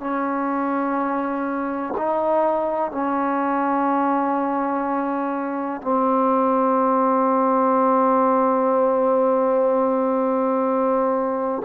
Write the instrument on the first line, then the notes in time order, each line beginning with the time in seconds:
trombone
0.00 C#4
1.98 D#4
2.91 C#4
5.81 C4